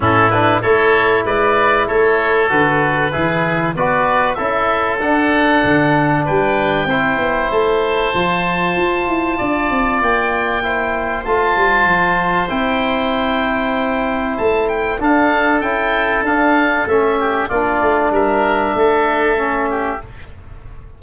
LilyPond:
<<
  \new Staff \with { instrumentName = "oboe" } { \time 4/4 \tempo 4 = 96 a'8 b'8 cis''4 d''4 cis''4 | b'2 d''4 e''4 | fis''2 g''2 | a''1 |
g''2 a''2 | g''2. a''8 g''8 | f''4 g''4 f''4 e''4 | d''4 e''2. | }
  \new Staff \with { instrumentName = "oboe" } { \time 4/4 e'4 a'4 b'4 a'4~ | a'4 gis'4 b'4 a'4~ | a'2 b'4 c''4~ | c''2. d''4~ |
d''4 c''2.~ | c''1 | a'2.~ a'8 g'8 | f'4 ais'4 a'4. g'8 | }
  \new Staff \with { instrumentName = "trombone" } { \time 4/4 cis'8 d'8 e'2. | fis'4 e'4 fis'4 e'4 | d'2. e'4~ | e'4 f'2.~ |
f'4 e'4 f'2 | e'1 | d'4 e'4 d'4 cis'4 | d'2. cis'4 | }
  \new Staff \with { instrumentName = "tuba" } { \time 4/4 a,4 a4 gis4 a4 | d4 e4 b4 cis'4 | d'4 d4 g4 c'8 b8 | a4 f4 f'8 e'8 d'8 c'8 |
ais2 a8 g8 f4 | c'2. a4 | d'4 cis'4 d'4 a4 | ais8 a8 g4 a2 | }
>>